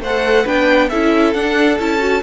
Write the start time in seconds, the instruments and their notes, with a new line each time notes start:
0.00 cello A3, violin C5 F#5
0.06 viola A4
0.44 cello B3, viola D4, violin B4 G5
0.90 cello C#4, viola E4, violin A4 E5
1.34 cello D4, viola D4, violin F#5
1.79 cello C#4, viola E4, violin A5
1.99 viola F#4